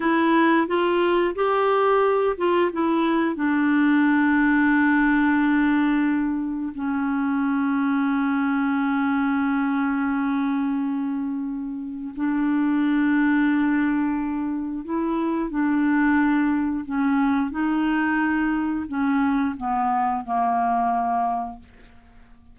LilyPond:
\new Staff \with { instrumentName = "clarinet" } { \time 4/4 \tempo 4 = 89 e'4 f'4 g'4. f'8 | e'4 d'2.~ | d'2 cis'2~ | cis'1~ |
cis'2 d'2~ | d'2 e'4 d'4~ | d'4 cis'4 dis'2 | cis'4 b4 ais2 | }